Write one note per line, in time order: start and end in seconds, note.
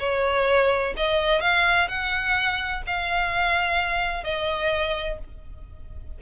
0.00 0.94 C#5
0.97 1.41 D#5
1.41 1.89 F5
1.89 2.83 F#5
2.87 4.24 F5
4.24 5.19 D#5